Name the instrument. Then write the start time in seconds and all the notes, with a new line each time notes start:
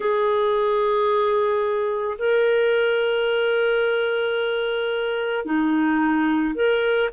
clarinet
0.00 G#4
2.18 A#4
5.45 D#4
6.55 A#4